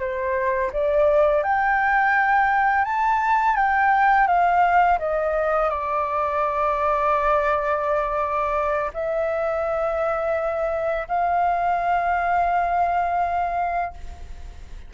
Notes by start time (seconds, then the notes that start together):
0.00 C5
0.73 D5
1.44 G5
2.85 A5
3.56 G5
4.28 F5
4.99 D#5
5.70 D5
8.94 E5
11.08 F5